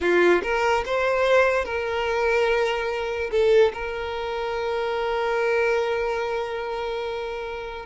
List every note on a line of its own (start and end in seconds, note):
0.00 0.42 F4
0.43 0.84 A#4
0.85 1.64 C5
1.64 3.30 A#4
3.31 3.72 A4
3.73 7.85 A#4